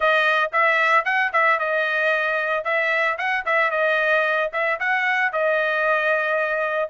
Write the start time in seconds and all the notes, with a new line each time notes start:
0.00 D#5
0.52 E5
1.05 F#5
1.33 E5
1.59 D#5
2.64 E5
3.18 F#5
3.45 E5
3.70 D#5
4.52 E5
4.79 F#5
5.32 D#5